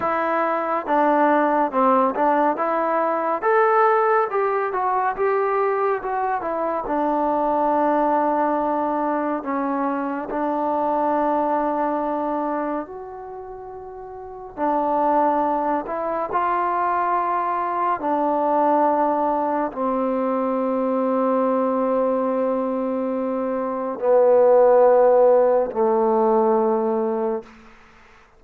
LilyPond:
\new Staff \with { instrumentName = "trombone" } { \time 4/4 \tempo 4 = 70 e'4 d'4 c'8 d'8 e'4 | a'4 g'8 fis'8 g'4 fis'8 e'8 | d'2. cis'4 | d'2. fis'4~ |
fis'4 d'4. e'8 f'4~ | f'4 d'2 c'4~ | c'1 | b2 a2 | }